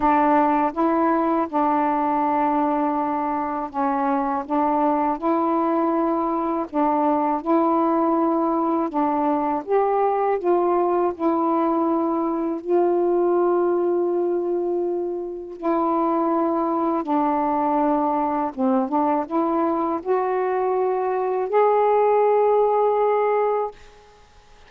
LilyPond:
\new Staff \with { instrumentName = "saxophone" } { \time 4/4 \tempo 4 = 81 d'4 e'4 d'2~ | d'4 cis'4 d'4 e'4~ | e'4 d'4 e'2 | d'4 g'4 f'4 e'4~ |
e'4 f'2.~ | f'4 e'2 d'4~ | d'4 c'8 d'8 e'4 fis'4~ | fis'4 gis'2. | }